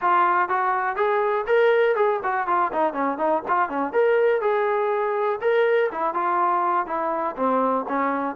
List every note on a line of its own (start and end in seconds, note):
0.01 0.48 F4
0.48 0.95 F#4
0.95 1.45 G#4
1.46 1.95 A#4
1.95 2.20 G#4
2.23 2.47 F#4
2.47 2.71 F4
2.72 2.93 D#4
2.93 3.17 C#4
3.17 3.42 D#4
3.47 3.69 F4
3.69 3.92 C#4
3.92 4.41 A#4
4.41 5.39 G#4
5.41 5.90 A#4
5.91 6.13 E4
6.13 6.86 F4
6.86 7.35 E4
7.36 7.85 C4
7.88 8.35 C#4